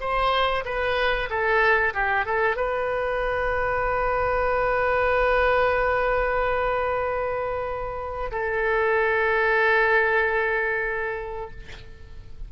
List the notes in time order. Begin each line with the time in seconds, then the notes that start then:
0.00 C5
0.65 B4
1.29 A4
1.94 G4
2.25 A4
2.56 B4
8.31 A4